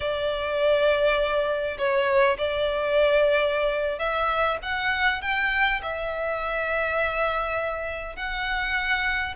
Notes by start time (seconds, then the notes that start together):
0.00 D5
1.77 C#5
2.38 D5
3.98 E5
4.62 F#5
5.21 G5
5.82 E5
8.15 F#5